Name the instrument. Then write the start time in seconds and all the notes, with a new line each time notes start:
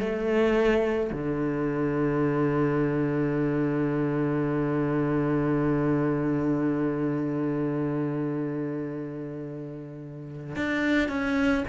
cello
0.00 A3
1.12 D3
10.56 D4
11.09 C#4